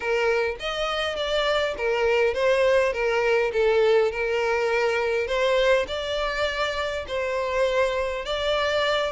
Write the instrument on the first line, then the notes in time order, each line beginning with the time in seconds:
violin
0.00 A#4
0.59 D#5
1.16 D5
1.77 A#4
2.34 C5
2.92 A#4
3.52 A4
4.11 A#4
5.27 C5
5.87 D5
7.07 C5
8.25 D5